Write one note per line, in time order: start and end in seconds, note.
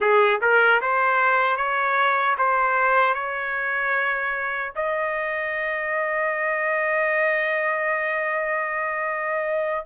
0.00 0.40 G#4
0.41 0.80 A#4
0.81 1.56 C5
1.56 2.35 C#5
2.38 3.14 C5
3.14 4.72 C#5
4.75 9.85 D#5